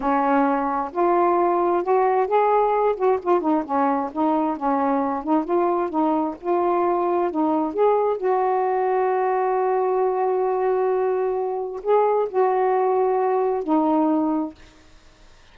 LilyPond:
\new Staff \with { instrumentName = "saxophone" } { \time 4/4 \tempo 4 = 132 cis'2 f'2 | fis'4 gis'4. fis'8 f'8 dis'8 | cis'4 dis'4 cis'4. dis'8 | f'4 dis'4 f'2 |
dis'4 gis'4 fis'2~ | fis'1~ | fis'2 gis'4 fis'4~ | fis'2 dis'2 | }